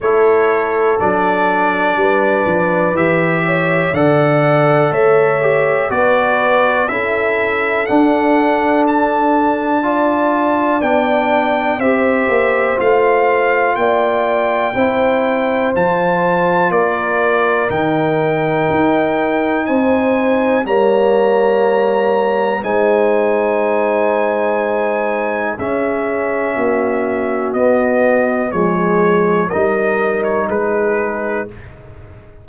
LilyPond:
<<
  \new Staff \with { instrumentName = "trumpet" } { \time 4/4 \tempo 4 = 61 cis''4 d''2 e''4 | fis''4 e''4 d''4 e''4 | fis''4 a''2 g''4 | e''4 f''4 g''2 |
a''4 d''4 g''2 | gis''4 ais''2 gis''4~ | gis''2 e''2 | dis''4 cis''4 dis''8. cis''16 b'4 | }
  \new Staff \with { instrumentName = "horn" } { \time 4/4 a'2 b'4. cis''8 | d''4 cis''4 b'4 a'4~ | a'2 d''2 | c''2 d''4 c''4~ |
c''4 ais'2. | c''4 cis''2 c''4~ | c''2 gis'4 fis'4~ | fis'4 gis'4 ais'4 gis'4 | }
  \new Staff \with { instrumentName = "trombone" } { \time 4/4 e'4 d'2 g'4 | a'4. g'8 fis'4 e'4 | d'2 f'4 d'4 | g'4 f'2 e'4 |
f'2 dis'2~ | dis'4 ais2 dis'4~ | dis'2 cis'2 | b4 gis4 dis'2 | }
  \new Staff \with { instrumentName = "tuba" } { \time 4/4 a4 fis4 g8 f8 e4 | d4 a4 b4 cis'4 | d'2. b4 | c'8 ais8 a4 ais4 c'4 |
f4 ais4 dis4 dis'4 | c'4 g2 gis4~ | gis2 cis'4 ais4 | b4 f4 g4 gis4 | }
>>